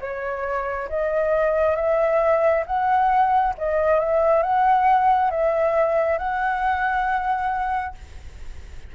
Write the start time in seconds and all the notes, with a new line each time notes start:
0.00 C#5
0.89 D#5
1.76 E5
2.66 F#5
3.58 D#5
3.99 E5
4.42 F#5
5.30 E5
6.18 F#5